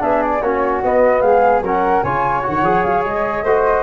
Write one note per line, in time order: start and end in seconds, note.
0.00 0.41 B3
0.00 0.40 D4
0.00 0.42 G#4
0.00 0.23 E5
0.23 0.42 D5
0.41 0.81 A#3
0.41 0.83 C#4
0.41 1.22 F#4
0.41 0.82 C#5
0.83 1.63 B3
0.83 1.22 B3
0.83 1.22 D#5
1.22 1.61 G#3
1.22 1.63 G#4
1.22 1.62 F5
1.61 2.02 F#3
1.61 2.05 C#4
1.61 2.04 A#4
1.61 2.03 F#5
2.03 2.44 C#3
2.03 2.43 F4
2.03 3.44 C#5
2.03 2.43 G#5
2.43 2.62 D#3
2.43 2.63 F#4
2.43 2.84 F#5
2.62 2.82 F3
2.62 3.45 G#4
2.84 3.05 F#3
2.84 3.04 F5
3.05 3.44 G#3
3.05 3.83 D#5
3.44 3.83 A3
3.44 3.83 F#4
3.44 3.83 C5